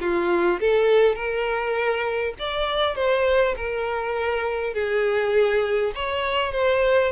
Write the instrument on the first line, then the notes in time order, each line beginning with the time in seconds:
violin
0.00 F4
0.60 A4
1.15 A#4
2.39 D5
2.95 C5
3.56 A#4
4.74 G#4
5.95 C#5
6.52 C5